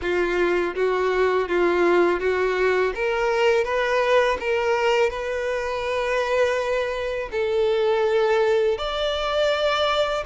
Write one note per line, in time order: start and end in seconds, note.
0.01 0.75 F4
0.75 1.48 F#4
1.48 2.20 F4
2.20 2.93 F#4
2.94 3.64 A#4
3.64 4.37 B4
4.40 5.10 A#4
5.10 7.29 B4
7.31 8.77 A4
8.77 10.24 D5